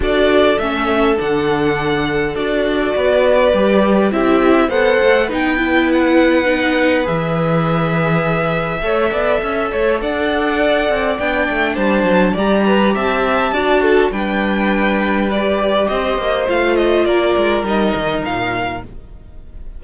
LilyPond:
<<
  \new Staff \with { instrumentName = "violin" } { \time 4/4 \tempo 4 = 102 d''4 e''4 fis''2 | d''2. e''4 | fis''4 g''4 fis''2 | e''1~ |
e''4 fis''2 g''4 | a''4 ais''4 a''2 | g''2 d''4 dis''4 | f''8 dis''8 d''4 dis''4 f''4 | }
  \new Staff \with { instrumentName = "violin" } { \time 4/4 a'1~ | a'4 b'2 g'4 | c''4 b'2.~ | b'2. cis''8 d''8 |
e''8 cis''8 d''2. | c''4 d''8 b'8 e''4 d''8 a'8 | b'2. c''4~ | c''4 ais'2. | }
  \new Staff \with { instrumentName = "viola" } { \time 4/4 fis'4 cis'4 d'2 | fis'2 g'4 e'4 | a'4 dis'8 e'4. dis'4 | gis'2. a'4~ |
a'2. d'4~ | d'4 g'2 fis'4 | d'2 g'2 | f'2 dis'2 | }
  \new Staff \with { instrumentName = "cello" } { \time 4/4 d'4 a4 d2 | d'4 b4 g4 c'4 | b8 a8 b2. | e2. a8 b8 |
cis'8 a8 d'4. c'8 b8 a8 | g8 fis8 g4 c'4 d'4 | g2. c'8 ais8 | a4 ais8 gis8 g8 dis8 ais,4 | }
>>